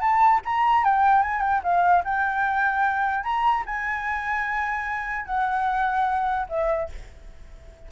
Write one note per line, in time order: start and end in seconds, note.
0.00 0.40 A5
0.45 0.84 A#5
0.84 1.22 G5
1.22 1.41 G#5
1.41 1.61 G5
1.63 2.03 F5
2.04 3.24 G5
3.24 3.64 A#5
3.65 5.26 G#5
5.26 6.46 F#5
6.49 6.89 E5